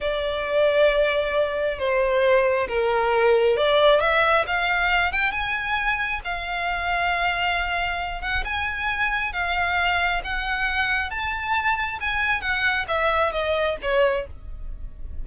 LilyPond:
\new Staff \with { instrumentName = "violin" } { \time 4/4 \tempo 4 = 135 d''1 | c''2 ais'2 | d''4 e''4 f''4. g''8 | gis''2 f''2~ |
f''2~ f''8 fis''8 gis''4~ | gis''4 f''2 fis''4~ | fis''4 a''2 gis''4 | fis''4 e''4 dis''4 cis''4 | }